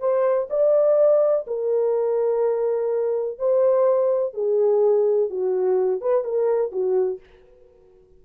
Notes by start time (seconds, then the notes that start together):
0.00 C5
0.50 D5
1.47 A#4
3.39 C5
4.34 G#4
5.30 F#4
6.01 B4
6.24 A#4
6.72 F#4